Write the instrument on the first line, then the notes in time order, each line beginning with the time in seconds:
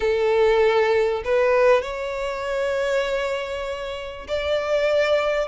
violin
0.00 A4
1.24 B4
1.82 C#5
4.27 D5